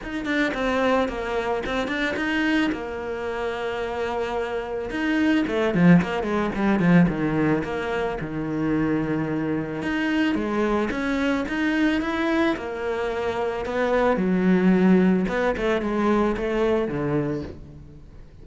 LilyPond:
\new Staff \with { instrumentName = "cello" } { \time 4/4 \tempo 4 = 110 dis'8 d'8 c'4 ais4 c'8 d'8 | dis'4 ais2.~ | ais4 dis'4 a8 f8 ais8 gis8 | g8 f8 dis4 ais4 dis4~ |
dis2 dis'4 gis4 | cis'4 dis'4 e'4 ais4~ | ais4 b4 fis2 | b8 a8 gis4 a4 d4 | }